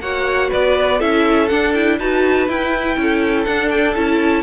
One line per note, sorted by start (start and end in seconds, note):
0.00 0.49 A#3
0.00 1.00 F#4
0.00 0.49 C#5
0.00 0.51 F#5
0.49 1.02 B3
0.49 0.99 B4
0.49 1.01 D5
0.99 1.51 C#4
0.99 1.49 E4
0.99 1.97 A4
0.99 1.48 E5
1.48 1.74 D4
1.48 1.99 D4
1.48 1.73 F#5
1.74 2.00 E4
1.74 1.99 G5
1.99 2.48 D#4
1.99 2.49 F#4
1.99 2.98 B4
1.99 2.49 A5
2.48 2.97 E4
2.48 3.47 E4
2.48 3.45 G5
2.97 3.46 C#4
2.97 4.43 A4
3.45 3.95 D4
3.45 3.96 D4
3.45 3.69 F#5
3.70 3.95 G5
3.95 4.43 C#4
3.95 4.43 E4
3.95 4.43 A5